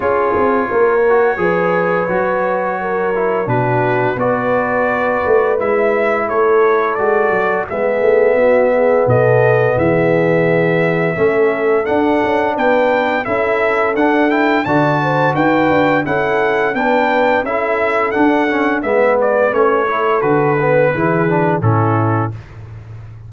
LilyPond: <<
  \new Staff \with { instrumentName = "trumpet" } { \time 4/4 \tempo 4 = 86 cis''1~ | cis''4 b'4 d''2 | e''4 cis''4 d''4 e''4~ | e''4 dis''4 e''2~ |
e''4 fis''4 g''4 e''4 | fis''8 g''8 a''4 g''4 fis''4 | g''4 e''4 fis''4 e''8 d''8 | cis''4 b'2 a'4 | }
  \new Staff \with { instrumentName = "horn" } { \time 4/4 gis'4 ais'4 b'2 | ais'4 fis'4 b'2~ | b'4 a'2 gis'4 | fis'8 gis'8 a'4 gis'2 |
a'2 b'4 a'4~ | a'4 d''8 c''8 b'4 a'4 | b'4 a'2 b'4~ | b'8 a'4. gis'4 e'4 | }
  \new Staff \with { instrumentName = "trombone" } { \time 4/4 f'4. fis'8 gis'4 fis'4~ | fis'8 e'8 d'4 fis'2 | e'2 fis'4 b4~ | b1 |
cis'4 d'2 e'4 | d'8 e'8 fis'2 e'4 | d'4 e'4 d'8 cis'8 b4 | cis'8 e'8 fis'8 b8 e'8 d'8 cis'4 | }
  \new Staff \with { instrumentName = "tuba" } { \time 4/4 cis'8 c'8 ais4 f4 fis4~ | fis4 b,4 b4. a8 | gis4 a4 gis8 fis8 gis8 a8 | b4 b,4 e2 |
a4 d'8 cis'8 b4 cis'4 | d'4 d4 dis'8 d'8 cis'4 | b4 cis'4 d'4 gis4 | a4 d4 e4 a,4 | }
>>